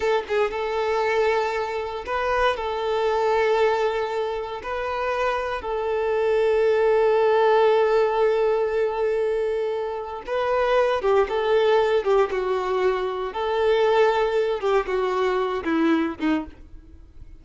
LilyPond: \new Staff \with { instrumentName = "violin" } { \time 4/4 \tempo 4 = 117 a'8 gis'8 a'2. | b'4 a'2.~ | a'4 b'2 a'4~ | a'1~ |
a'1 | b'4. g'8 a'4. g'8 | fis'2 a'2~ | a'8 g'8 fis'4. e'4 dis'8 | }